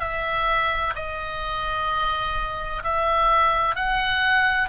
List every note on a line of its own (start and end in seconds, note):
0.00 0.94 E5
0.95 2.83 D#5
2.83 3.75 E5
3.75 4.69 F#5